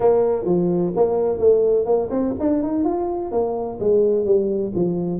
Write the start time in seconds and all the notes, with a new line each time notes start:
0.00 A#3
0.45 F3
0.96 A#3
1.38 A3
1.85 A#3
2.10 C4
2.39 D4
2.62 D#4
2.84 F4
3.31 A#3
3.80 G#3
4.25 G3
4.74 F3